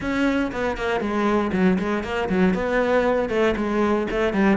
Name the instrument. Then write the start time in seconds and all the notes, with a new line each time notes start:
cello
0.00 C#4
0.52 B3
0.77 A#3
1.00 G#3
1.52 F#3
1.78 G#3
2.03 A#3
2.29 F#3
2.54 B3
3.29 A3
3.56 G#3
4.10 A3
4.33 G3